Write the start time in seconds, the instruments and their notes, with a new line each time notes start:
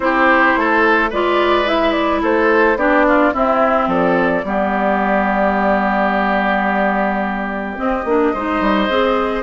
0.00 bassoon C4, clarinet E4, oboe G4, flute C5
0.56 bassoon A3, oboe A4
1.09 bassoon G#3, clarinet F4, oboe B4, flute D5
1.65 clarinet E4, flute E5
1.92 flute D5
2.22 bassoon A3, oboe A4, flute C5
2.76 bassoon B3, clarinet D4, oboe G4, flute D5
3.07 oboe F4
3.33 clarinet C4, bassoon C4, oboe E4, flute E5
3.87 bassoon F3, oboe A4, flute D5
4.43 bassoon G3, clarinet B3, oboe G4
7.75 clarinet C4, bassoon C4, flute D#5
8.04 bassoon A#3, clarinet D4
8.33 bassoon G#3, clarinet D#4, oboe C5
8.60 bassoon G3
8.89 bassoon C4, clarinet G#4